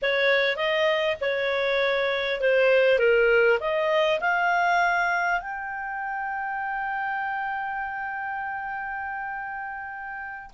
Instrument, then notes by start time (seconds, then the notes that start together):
clarinet
0.01 C#5
0.56 D#5
1.20 C#5
2.41 C5
2.98 A#4
3.59 D#5
4.20 F5
5.40 G5